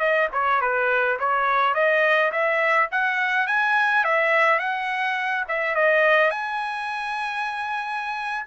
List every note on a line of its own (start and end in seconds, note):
0.00 0.29 D#5
0.33 0.62 C#5
0.62 1.19 B4
1.20 1.75 C#5
1.75 2.32 D#5
2.32 2.89 E5
2.92 3.48 F#5
3.48 4.04 G#5
4.04 4.59 E5
4.59 5.45 F#5
5.49 5.75 E5
5.75 6.31 D#5
6.31 8.45 G#5